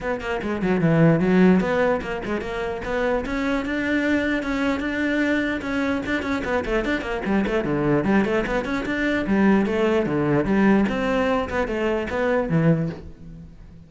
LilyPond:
\new Staff \with { instrumentName = "cello" } { \time 4/4 \tempo 4 = 149 b8 ais8 gis8 fis8 e4 fis4 | b4 ais8 gis8 ais4 b4 | cis'4 d'2 cis'4 | d'2 cis'4 d'8 cis'8 |
b8 a8 d'8 ais8 g8 a8 d4 | g8 a8 b8 cis'8 d'4 g4 | a4 d4 g4 c'4~ | c'8 b8 a4 b4 e4 | }